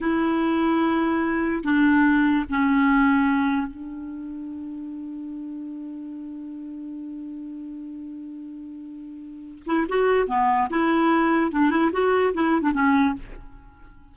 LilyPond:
\new Staff \with { instrumentName = "clarinet" } { \time 4/4 \tempo 4 = 146 e'1 | d'2 cis'2~ | cis'4 d'2.~ | d'1~ |
d'1~ | d'2.~ d'8 e'8 | fis'4 b4 e'2 | d'8 e'8 fis'4 e'8. d'16 cis'4 | }